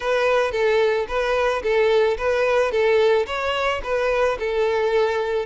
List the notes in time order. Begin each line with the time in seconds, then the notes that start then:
0.00 B4
0.51 A4
1.08 B4
1.62 A4
2.17 B4
2.71 A4
3.26 C#5
3.83 B4
4.39 A4